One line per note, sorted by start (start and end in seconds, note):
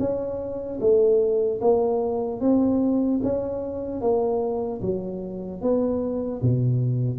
0.00 0.80 C#4
0.80 1.60 A3
1.61 2.41 A#3
2.41 3.21 C4
3.24 4.01 C#4
4.01 4.81 A#3
4.82 5.62 F#3
5.62 6.42 B3
6.42 7.20 B2